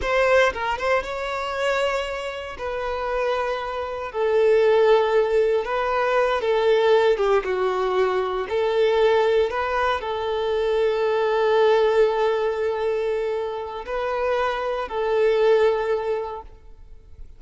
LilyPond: \new Staff \with { instrumentName = "violin" } { \time 4/4 \tempo 4 = 117 c''4 ais'8 c''8 cis''2~ | cis''4 b'2. | a'2. b'4~ | b'8 a'4. g'8 fis'4.~ |
fis'8 a'2 b'4 a'8~ | a'1~ | a'2. b'4~ | b'4 a'2. | }